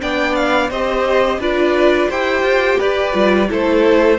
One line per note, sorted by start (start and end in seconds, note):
0.00 0.70 B3
0.00 0.70 D4
0.00 0.70 D5
0.00 0.35 G5
0.35 0.70 F5
0.70 1.39 C4
0.70 1.41 G4
0.70 1.40 C5
0.70 1.41 D#5
1.39 2.08 D4
1.39 2.11 F4
1.39 2.09 B4
1.39 2.11 D5
2.09 2.42 E4
2.09 3.13 G4
2.09 2.78 C5
2.09 2.80 G5
2.42 2.77 F4
2.78 3.14 G4
2.78 3.48 B4
2.78 3.50 D5
3.13 3.49 G3
3.13 3.48 F4
3.48 4.18 A3
3.48 4.18 E4
3.48 4.18 A4
3.48 4.18 C5